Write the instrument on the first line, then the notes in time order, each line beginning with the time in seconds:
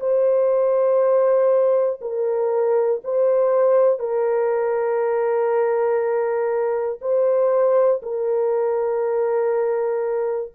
horn
0.00 C5
2.01 A#4
3.04 C5
3.99 A#4
7.01 C5
8.03 A#4